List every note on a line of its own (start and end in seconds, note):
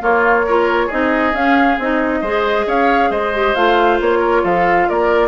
0.00 0.44 A#3
0.00 0.90 A#3
0.00 0.46 F4
0.00 0.91 C#5
0.47 0.90 F4
0.47 0.87 A#4
0.87 1.33 C4
0.87 1.34 D#4
0.87 2.19 G#4
0.87 1.35 D#5
1.33 1.77 C#4
1.33 1.79 C#4
1.33 1.79 F5
1.78 2.22 C4
1.78 2.25 D#4
1.78 2.69 D#5
2.22 2.66 G#3
2.22 3.34 G#4
2.22 2.66 C5
2.67 3.10 C#4
2.67 3.10 C#5
2.67 3.11 F5
3.10 3.54 G#3
3.10 4.19 C5
3.10 3.55 D#5
3.34 3.56 G4
3.55 4.00 A3
3.55 5.28 F4
3.55 3.99 F5
4.00 4.44 A#3
4.00 4.45 C#5
4.19 4.41 A#4
4.44 4.88 F3
4.44 4.88 A4
4.44 4.89 F5
4.89 5.28 A#3
4.89 5.28 A#4
4.89 5.28 D5